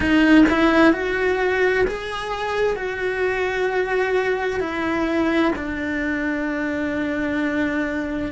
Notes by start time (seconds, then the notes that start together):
0.00 D#4
0.49 E4
0.92 F#4
1.87 G#4
2.76 F#4
4.59 E4
5.56 D4